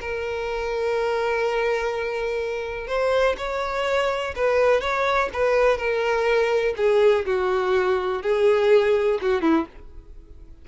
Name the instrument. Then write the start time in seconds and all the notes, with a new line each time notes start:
violin
0.00 A#4
2.87 C5
3.37 C#5
4.35 B4
4.80 C#5
5.33 B4
5.77 A#4
6.77 G#4
7.25 F#4
8.22 G#4
9.21 F#4
9.41 E4